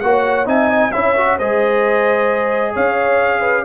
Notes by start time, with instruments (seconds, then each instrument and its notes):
0.00 tuba A#3, trombone F#4, horn C#5, trumpet F#5
0.45 tuba C4, trombone D#4, horn E5, trumpet G#5
0.69 horn D#5
0.92 tuba C#4, trombone E4, horn C#5, trumpet E5
1.17 trombone F#4
1.36 tuba G#3, trombone G#4, horn C5, trumpet D#5
2.73 tuba C#4, horn C#5, trumpet F5
3.40 horn B4